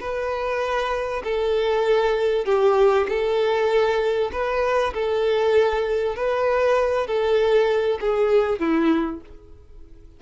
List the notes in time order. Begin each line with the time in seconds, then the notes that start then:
0.00 B4
1.24 A4
2.45 G4
3.08 A4
4.32 B4
4.93 A4
6.16 B4
7.07 A4
8.00 G#4
8.59 E4